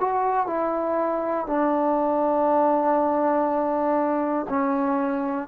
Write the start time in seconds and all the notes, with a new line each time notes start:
0.00 F#4
0.47 E4
1.46 D4
4.49 C#4